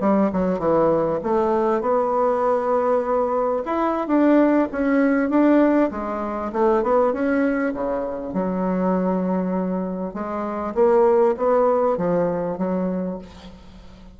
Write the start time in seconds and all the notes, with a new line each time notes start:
0.00 G3
0.32 F#3
0.59 E3
1.23 A3
1.81 B3
3.65 E4
4.07 D4
4.71 C#4
5.29 D4
5.91 G#3
6.52 A3
6.83 B3
7.13 C#4
7.74 C#3
8.33 F#3
10.13 G#3
10.74 A#3
11.37 B3
11.97 F3
12.58 F#3